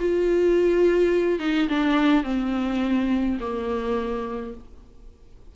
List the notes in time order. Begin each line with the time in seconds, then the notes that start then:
0.00 F4
1.39 D#4
1.69 D4
2.23 C4
3.40 A#3